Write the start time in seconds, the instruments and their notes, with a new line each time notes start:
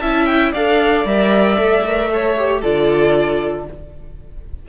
0.00 cello C#4, viola E4, violin E5 A5
0.26 violin G5
0.53 cello D4, viola A4, violin D5 F5
1.05 cello G3, viola A#4, violin E5
1.57 cello A3, viola A4
1.87 viola A#4
2.12 viola A4, violin C#5
2.38 viola G4
2.61 cello D3, viola F4, violin A4 D5